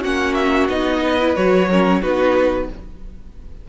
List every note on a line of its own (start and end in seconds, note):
0.00 0.68 A#3
0.00 0.68 C#4
0.00 1.00 F#4
0.00 0.33 F#5
0.33 0.67 E5
0.68 1.35 B3
0.68 1.18 D#4
0.68 1.35 D#5
1.02 1.69 B4
1.20 1.36 E4
1.35 2.02 F#3
1.35 1.69 F#4
1.35 2.02 C#5
1.70 2.02 C#4
1.70 2.01 A#4
2.01 2.68 B3
2.01 2.68 D#4
2.01 2.68 F#4
2.01 2.69 B4